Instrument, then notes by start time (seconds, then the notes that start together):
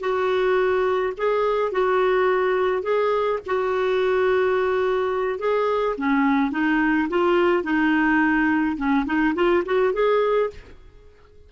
clarinet
0.00 F#4
1.17 G#4
1.72 F#4
2.83 G#4
3.46 F#4
5.39 G#4
5.97 C#4
6.51 D#4
7.09 F4
7.63 D#4
8.77 C#4
9.06 D#4
9.35 F4
9.65 F#4
9.93 G#4